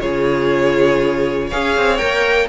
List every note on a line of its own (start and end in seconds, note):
0.00 1.52 C#3
0.00 1.51 F4
0.00 1.47 G#4
0.00 1.50 C#5
1.47 1.98 G#4
1.47 2.47 C#5
1.47 1.97 F5
1.54 1.77 C#4
1.77 2.02 C4
1.97 2.49 A#3
1.97 2.48 A#4
1.97 2.47 G5